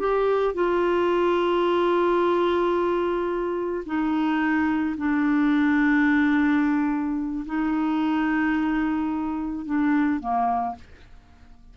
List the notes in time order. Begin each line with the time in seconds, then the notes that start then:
0.00 G4
0.55 F4
3.86 D#4
4.98 D4
7.46 D#4
9.66 D4
10.20 A#3